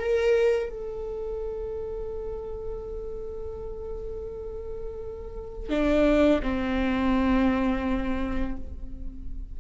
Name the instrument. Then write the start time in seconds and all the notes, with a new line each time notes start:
viola
0.00 A#4
0.70 A4
5.70 D4
6.43 C4